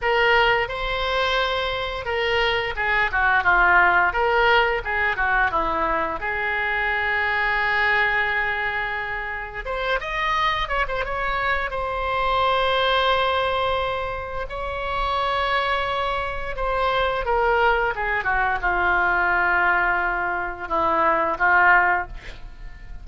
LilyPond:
\new Staff \with { instrumentName = "oboe" } { \time 4/4 \tempo 4 = 87 ais'4 c''2 ais'4 | gis'8 fis'8 f'4 ais'4 gis'8 fis'8 | e'4 gis'2.~ | gis'2 c''8 dis''4 cis''16 c''16 |
cis''4 c''2.~ | c''4 cis''2. | c''4 ais'4 gis'8 fis'8 f'4~ | f'2 e'4 f'4 | }